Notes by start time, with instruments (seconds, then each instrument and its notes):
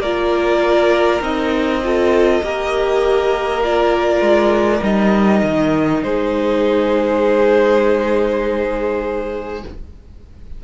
0.00 cello A#3, viola F4, violin A#4 D5
1.21 cello C4, viola D#4, violin D#5
1.83 viola F4, violin A4
2.43 cello A#3, viola G4, violin A#4
3.64 viola F4, violin D5
4.21 cello G#3
4.80 cello G3, viola D#4, violin D#5
5.44 cello D#3
6.04 cello G#3, violin G#4 C5